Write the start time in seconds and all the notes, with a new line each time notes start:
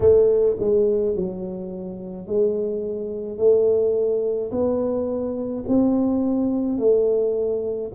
0.00 A3
0.59 G#3
1.15 F#3
2.26 G#3
3.37 A3
4.51 B3
5.68 C4
6.78 A3